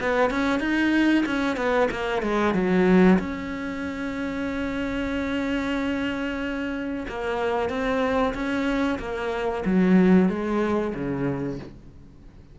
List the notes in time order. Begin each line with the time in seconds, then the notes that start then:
0.00 B3
0.30 C#4
0.60 D#4
1.26 C#4
1.57 B3
1.91 A#3
2.22 G#3
2.54 F#3
3.19 C#4
7.09 A#3
7.69 C4
8.34 C#4
8.99 A#3
9.65 F#3
10.29 G#3
10.94 C#3